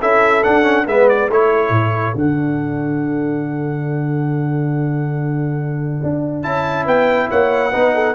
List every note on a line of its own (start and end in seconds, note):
0.00 0.45 C#4
0.00 0.44 E4
0.00 0.86 A4
0.00 0.43 E5
0.43 0.63 D4
0.43 0.87 D4
0.43 0.86 F#5
0.63 0.84 C#4
0.86 1.29 G#3
0.86 1.30 B3
0.86 1.29 B4
0.86 1.09 E5
1.09 1.30 D5
1.29 1.70 A3
1.29 2.15 E4
1.29 6.85 A4
1.29 2.17 C#5
1.70 2.12 A2
2.15 6.01 D3
2.15 6.43 D4
2.15 6.43 F#5
6.03 6.46 D4
6.43 6.87 C#4
6.43 7.72 E4
6.43 6.86 A5
6.85 7.29 B3
6.85 7.27 B4
6.85 7.30 G5
7.30 7.74 A#3
7.30 7.72 C#5
7.30 8.15 F#5
7.72 8.15 B3
7.72 8.15 D#4
7.72 7.93 B4
7.94 8.15 A4